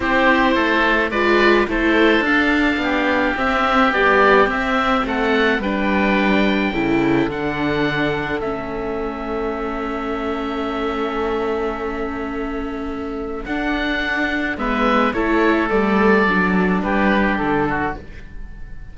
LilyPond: <<
  \new Staff \with { instrumentName = "oboe" } { \time 4/4 \tempo 4 = 107 c''2 d''4 c''4 | f''2 e''4 d''4 | e''4 fis''4 g''2~ | g''4 fis''2 e''4~ |
e''1~ | e''1 | fis''2 e''4 cis''4 | d''2 b'4 a'4 | }
  \new Staff \with { instrumentName = "oboe" } { \time 4/4 g'4 a'4 b'4 a'4~ | a'4 g'2.~ | g'4 a'4 b'2 | a'1~ |
a'1~ | a'1~ | a'2 b'4 a'4~ | a'2 g'4. fis'8 | }
  \new Staff \with { instrumentName = "viola" } { \time 4/4 e'2 f'4 e'4 | d'2 c'4 g4 | c'2 d'2 | e'4 d'2 cis'4~ |
cis'1~ | cis'1 | d'2 b4 e'4 | a4 d'2. | }
  \new Staff \with { instrumentName = "cello" } { \time 4/4 c'4 a4 gis4 a4 | d'4 b4 c'4 b4 | c'4 a4 g2 | cis4 d2 a4~ |
a1~ | a1 | d'2 gis4 a4 | g4 fis4 g4 d4 | }
>>